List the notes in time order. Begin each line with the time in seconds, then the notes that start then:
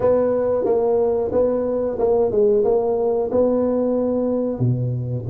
0.00 B3
0.64 A#3
1.32 B3
1.98 A#3
2.31 G#3
2.64 A#3
3.31 B3
4.59 B2